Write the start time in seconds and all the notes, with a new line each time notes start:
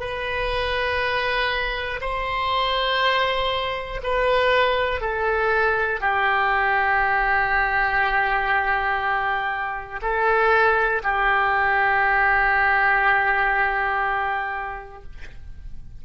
0.00 B4
2.00 C5
4.03 B4
5.01 A4
6.00 G4
10.02 A4
11.03 G4